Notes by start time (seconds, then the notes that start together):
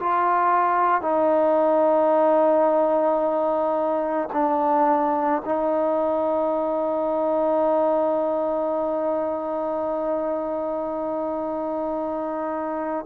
0.00 F4
1.02 D#4
4.34 D4
5.45 D#4